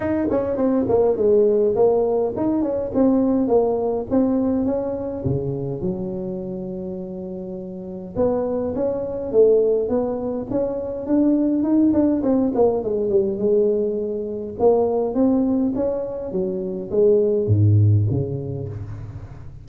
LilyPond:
\new Staff \with { instrumentName = "tuba" } { \time 4/4 \tempo 4 = 103 dis'8 cis'8 c'8 ais8 gis4 ais4 | dis'8 cis'8 c'4 ais4 c'4 | cis'4 cis4 fis2~ | fis2 b4 cis'4 |
a4 b4 cis'4 d'4 | dis'8 d'8 c'8 ais8 gis8 g8 gis4~ | gis4 ais4 c'4 cis'4 | fis4 gis4 gis,4 cis4 | }